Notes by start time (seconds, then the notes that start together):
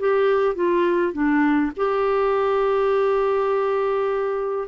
0.00 G4
0.56 F4
1.13 D4
1.77 G4